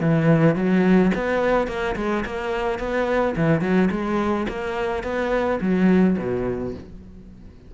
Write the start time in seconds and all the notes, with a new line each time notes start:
0.00 E3
0.55 F#3
1.14 B3
1.67 A#3
1.95 G#3
2.25 A#3
2.79 B3
3.36 E3
3.61 F#3
3.91 G#3
4.48 A#3
5.03 B3
5.60 F#3
6.18 B2